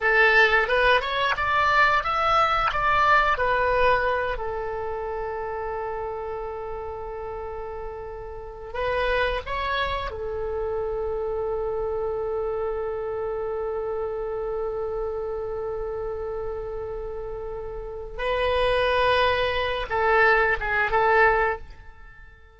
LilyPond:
\new Staff \with { instrumentName = "oboe" } { \time 4/4 \tempo 4 = 89 a'4 b'8 cis''8 d''4 e''4 | d''4 b'4. a'4.~ | a'1~ | a'4 b'4 cis''4 a'4~ |
a'1~ | a'1~ | a'2. b'4~ | b'4. a'4 gis'8 a'4 | }